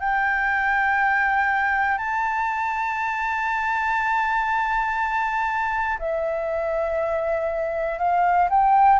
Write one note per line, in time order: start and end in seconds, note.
0.00 1.98 G5
1.98 5.98 A5
6.00 7.99 E5
7.99 8.49 F5
8.50 9.00 G5